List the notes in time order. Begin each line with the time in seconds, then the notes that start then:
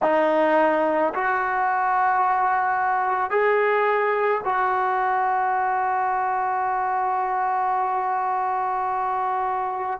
0.02 D#4
1.14 F#4
3.30 G#4
4.44 F#4